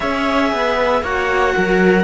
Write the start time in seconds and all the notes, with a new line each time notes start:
0.00 C#4 G#4 C#5 E5
0.51 B3 B4
1.02 A#3 F#4 C#5 F#5
1.54 F#3 A#4